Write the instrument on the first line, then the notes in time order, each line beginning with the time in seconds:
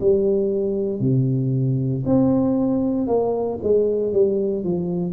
tuba
0.00 G3
1.00 C3
2.05 C4
3.07 A#3
3.63 G#3
4.12 G3
4.64 F3